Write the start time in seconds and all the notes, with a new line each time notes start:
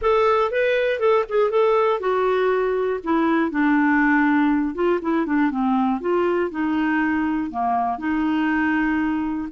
0.01 A4
0.51 B4
0.99 A4
1.28 G#4
1.50 A4
2.00 F#4
3.03 E4
3.50 D4
4.74 F4
5.01 E4
5.26 D4
5.50 C4
6.00 F4
6.50 D#4
7.50 A#3
7.98 D#4